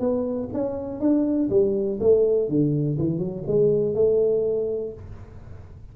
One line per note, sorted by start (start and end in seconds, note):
0.00 0.49 B3
0.53 1.00 C#4
1.00 1.49 D4
1.50 1.99 G3
2.00 2.49 A3
2.49 2.98 D3
2.98 3.19 E3
3.19 3.43 F#3
3.47 3.95 G#3
3.95 4.93 A3